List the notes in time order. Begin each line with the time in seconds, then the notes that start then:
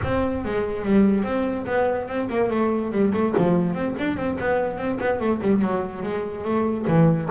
0.03 C4
0.45 G#3
0.85 G3
1.23 C4
1.66 B3
2.08 C4
2.29 A#3
2.50 A3
2.91 G3
3.13 A3
3.37 F3
3.74 C4
3.98 D4
4.16 C4
4.40 B3
4.77 C4
5.00 B3
5.20 A3
5.41 G3
5.61 F#3
6.02 G#3
6.44 A3
6.87 E3